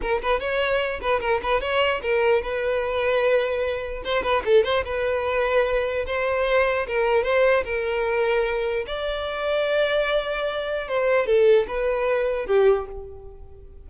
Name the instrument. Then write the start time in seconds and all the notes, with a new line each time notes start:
violin
0.01 A#4
0.21 B4
0.40 C#5
1.01 B4
1.20 A#4
1.42 B4
1.61 C#5
2.02 A#4
2.42 B4
4.04 C5
4.22 B4
4.45 A4
4.64 C5
4.84 B4
6.06 C5
6.87 A#4
7.23 C5
7.65 A#4
8.86 D5
10.88 C5
11.26 A4
11.67 B4
12.46 G4